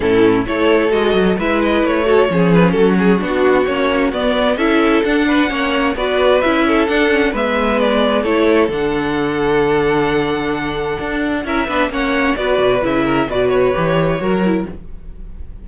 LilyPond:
<<
  \new Staff \with { instrumentName = "violin" } { \time 4/4 \tempo 4 = 131 a'4 cis''4 dis''4 e''8 dis''8 | cis''4. b'8 a'8 gis'8 fis'4 | cis''4 d''4 e''4 fis''4~ | fis''4 d''4 e''4 fis''4 |
e''4 d''4 cis''4 fis''4~ | fis''1~ | fis''4 e''4 fis''4 d''4 | e''4 d''8 cis''2~ cis''8 | }
  \new Staff \with { instrumentName = "violin" } { \time 4/4 e'4 a'2 b'4~ | b'8 a'8 gis'4 fis'2~ | fis'2 a'4. b'8 | cis''4 b'4. a'4. |
b'2 a'2~ | a'1~ | a'4 ais'8 b'8 cis''4 b'4~ | b'8 ais'8 b'2 ais'4 | }
  \new Staff \with { instrumentName = "viola" } { \time 4/4 cis'4 e'4 fis'4 e'4~ | e'8 fis'8 cis'2 d'4 | cis'4 b4 e'4 d'4 | cis'4 fis'4 e'4 d'8 cis'8 |
b2 e'4 d'4~ | d'1~ | d'4 e'8 d'8 cis'4 fis'4 | e'4 fis'4 g'4 fis'8 e'8 | }
  \new Staff \with { instrumentName = "cello" } { \time 4/4 a,4 a4 gis8 fis8 gis4 | a4 f4 fis4 b4 | ais4 b4 cis'4 d'4 | ais4 b4 cis'4 d'4 |
gis2 a4 d4~ | d1 | d'4 cis'8 b8 ais4 b8 b,8 | cis4 b,4 e4 fis4 | }
>>